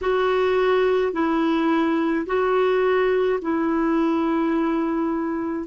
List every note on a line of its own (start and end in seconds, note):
0.01 1.13 F#4
1.13 2.26 E4
2.26 3.39 F#4
3.41 5.66 E4